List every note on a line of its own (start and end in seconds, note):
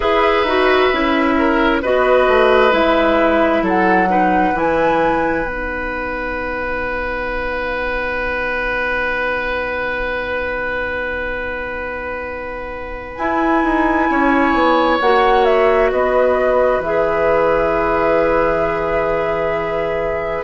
0.00 0.43 E4
0.00 0.45 G#4
0.00 1.34 B4
0.00 1.78 E5
0.43 0.89 D#4
0.43 0.92 F#4
0.92 1.83 C#4
0.92 1.83 E4
1.38 1.82 A#4
1.82 2.28 B3
1.82 2.71 F#4
1.82 3.63 B4
1.82 2.73 D#5
2.28 2.73 A3
2.71 3.62 G#3
2.71 4.07 E4
2.71 3.63 E5
3.62 4.52 F#3
3.62 4.09 A4
3.62 4.56 F#5
4.08 4.53 D#4
4.08 14.10 B4
4.53 5.43 E3
4.53 5.44 E4
4.53 5.47 G#5
5.43 13.16 B3
5.43 13.17 D#4
5.43 13.16 F#5
13.16 13.63 E4
13.16 14.99 E4
13.16 14.97 G#5
13.63 14.09 D#4
14.09 14.53 C#4
14.09 15.91 C#5
14.53 14.98 B3
15.00 15.91 A#3
15.00 16.84 F#4
15.00 15.45 F#5
15.45 15.90 E5
15.91 16.79 B3
15.91 20.44 B4
15.91 16.82 D#5
16.79 20.42 E3
16.79 20.44 G#4
16.79 20.44 E5